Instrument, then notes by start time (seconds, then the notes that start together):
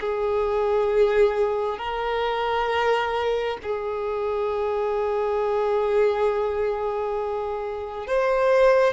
violin
0.00 G#4
1.79 A#4
3.63 G#4
8.07 C5